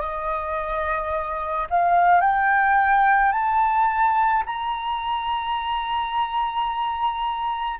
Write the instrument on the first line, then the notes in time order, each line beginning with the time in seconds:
flute
0.00 D#5
1.70 F5
2.20 G5
3.32 A5
4.46 A#5